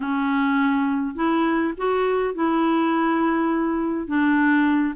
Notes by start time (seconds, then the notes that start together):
0.00 C#4
1.15 E4
1.77 F#4
2.34 E4
4.07 D4